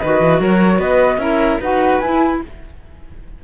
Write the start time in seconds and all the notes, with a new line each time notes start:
0.00 D#3 F#4 B4 D#5
0.21 E3
0.39 F#3 A#4 C#5
0.78 B3 B4 D#5
1.17 C#4 E4 A#4 E5
1.60 D#4 F#4 B4 F#5
1.99 E4 G#5